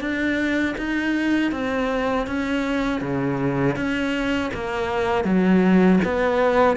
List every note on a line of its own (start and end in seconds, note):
0.00 0.75 D4
0.77 1.51 D#4
1.51 2.26 C4
2.26 3.01 C#4
3.01 3.76 C#3
3.76 4.51 C#4
4.54 5.24 A#3
5.24 5.99 F#3
6.04 6.76 B3